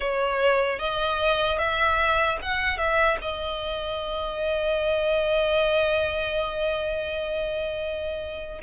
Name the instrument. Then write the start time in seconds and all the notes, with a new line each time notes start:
violin
0.00 C#5
0.79 D#5
1.58 E5
2.42 F#5
2.77 E5
3.21 D#5